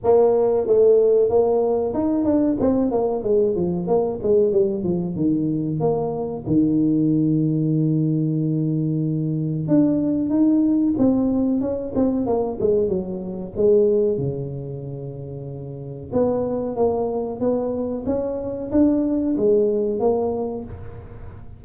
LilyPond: \new Staff \with { instrumentName = "tuba" } { \time 4/4 \tempo 4 = 93 ais4 a4 ais4 dis'8 d'8 | c'8 ais8 gis8 f8 ais8 gis8 g8 f8 | dis4 ais4 dis2~ | dis2. d'4 |
dis'4 c'4 cis'8 c'8 ais8 gis8 | fis4 gis4 cis2~ | cis4 b4 ais4 b4 | cis'4 d'4 gis4 ais4 | }